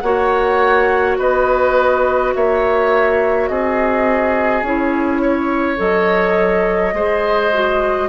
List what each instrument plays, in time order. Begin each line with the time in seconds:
0.00 bassoon A#3, clarinet F#4, oboe C#5, flute F#5
1.18 bassoon B3, oboe B4, flute D#5
2.34 bassoon A#3, oboe C#5, flute E5
3.48 bassoon C4, oboe G#4, flute D#5
4.62 bassoon C#4, clarinet E4, flute C#5
5.22 oboe C#5
5.76 bassoon F#3, clarinet A4, flute D#5
6.94 bassoon G#3, clarinet G#4, oboe C5
7.52 clarinet F#4